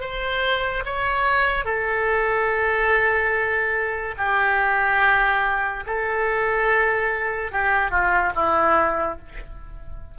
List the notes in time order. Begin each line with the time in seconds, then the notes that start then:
0.00 C5
0.85 C#5
1.64 A4
4.17 G4
5.86 A4
7.52 G4
7.91 F4
8.35 E4